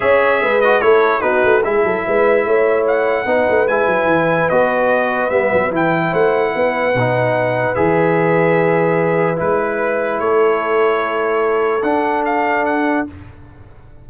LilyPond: <<
  \new Staff \with { instrumentName = "trumpet" } { \time 4/4 \tempo 4 = 147 e''4. dis''8 cis''4 b'4 | e''2. fis''4~ | fis''4 gis''2 dis''4~ | dis''4 e''4 g''4 fis''4~ |
fis''2. e''4~ | e''2. b'4~ | b'4 cis''2.~ | cis''4 fis''4 f''4 fis''4 | }
  \new Staff \with { instrumentName = "horn" } { \time 4/4 cis''4 b'4 a'4 fis'4 | gis'8 a'8 b'4 cis''2 | b'1~ | b'2. c''4 |
b'1~ | b'1~ | b'4 a'2.~ | a'1 | }
  \new Staff \with { instrumentName = "trombone" } { \time 4/4 gis'4. fis'8 e'4 dis'4 | e'1 | dis'4 e'2 fis'4~ | fis'4 b4 e'2~ |
e'4 dis'2 gis'4~ | gis'2. e'4~ | e'1~ | e'4 d'2. | }
  \new Staff \with { instrumentName = "tuba" } { \time 4/4 cis'4 gis4 a4 b8 a8 | gis8 fis8 gis4 a2 | b8 a8 gis8 fis8 e4 b4~ | b4 g8 fis8 e4 a4 |
b4 b,2 e4~ | e2. gis4~ | gis4 a2.~ | a4 d'2. | }
>>